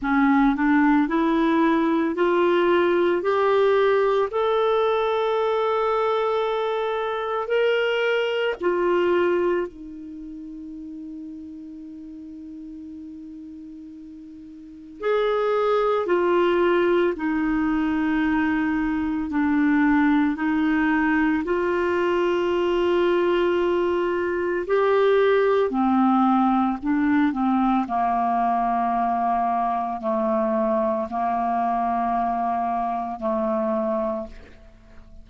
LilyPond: \new Staff \with { instrumentName = "clarinet" } { \time 4/4 \tempo 4 = 56 cis'8 d'8 e'4 f'4 g'4 | a'2. ais'4 | f'4 dis'2.~ | dis'2 gis'4 f'4 |
dis'2 d'4 dis'4 | f'2. g'4 | c'4 d'8 c'8 ais2 | a4 ais2 a4 | }